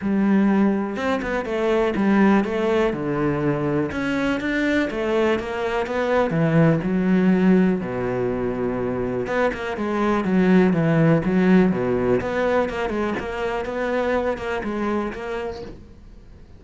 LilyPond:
\new Staff \with { instrumentName = "cello" } { \time 4/4 \tempo 4 = 123 g2 c'8 b8 a4 | g4 a4 d2 | cis'4 d'4 a4 ais4 | b4 e4 fis2 |
b,2. b8 ais8 | gis4 fis4 e4 fis4 | b,4 b4 ais8 gis8 ais4 | b4. ais8 gis4 ais4 | }